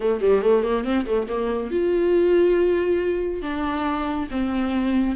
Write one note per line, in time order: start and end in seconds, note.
0.00 0.20 A3
0.20 0.41 G3
0.41 0.63 A3
0.63 0.84 A#3
0.84 1.05 C4
1.06 1.27 A3
1.28 1.70 A#3
1.70 3.42 F4
3.42 4.27 D4
4.31 5.16 C4